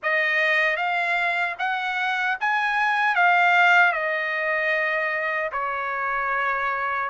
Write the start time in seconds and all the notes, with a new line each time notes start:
0.03 D#5
0.76 F5
1.58 F#5
2.40 G#5
3.15 F5
3.92 D#5
5.52 C#5